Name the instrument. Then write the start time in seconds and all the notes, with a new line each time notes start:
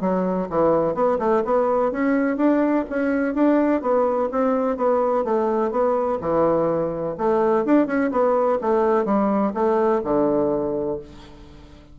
bassoon
0.00 F#3
0.49 E3
0.94 B3
1.19 A3
1.45 B3
1.91 C#4
2.37 D4
2.89 C#4
3.34 D4
3.81 B3
4.31 C4
4.76 B3
5.24 A3
5.71 B3
6.20 E3
7.17 A3
7.65 D4
7.87 C#4
8.11 B3
8.61 A3
9.05 G3
9.54 A3
10.03 D3